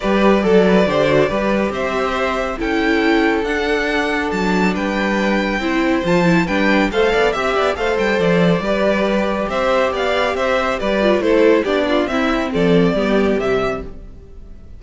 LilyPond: <<
  \new Staff \with { instrumentName = "violin" } { \time 4/4 \tempo 4 = 139 d''1 | e''2 g''2 | fis''2 a''4 g''4~ | g''2 a''4 g''4 |
f''4 e''4 f''8 g''8 d''4~ | d''2 e''4 f''4 | e''4 d''4 c''4 d''4 | e''4 d''2 e''4 | }
  \new Staff \with { instrumentName = "violin" } { \time 4/4 b'4 a'8 b'8 c''4 b'4 | c''2 a'2~ | a'2. b'4~ | b'4 c''2 b'4 |
c''8 d''8 e''8 d''8 c''2 | b'2 c''4 d''4 | c''4 b'4 a'4 g'8 f'8 | e'4 a'4 g'2 | }
  \new Staff \with { instrumentName = "viola" } { \time 4/4 g'4 a'4 g'8 fis'8 g'4~ | g'2 e'2 | d'1~ | d'4 e'4 f'8 e'8 d'4 |
a'4 g'4 a'2 | g'1~ | g'4. f'8 e'4 d'4 | c'2 b4 g4 | }
  \new Staff \with { instrumentName = "cello" } { \time 4/4 g4 fis4 d4 g4 | c'2 cis'2 | d'2 fis4 g4~ | g4 c'4 f4 g4 |
a8 b8 c'8 b8 a8 g8 f4 | g2 c'4 b4 | c'4 g4 a4 b4 | c'4 f4 g4 c4 | }
>>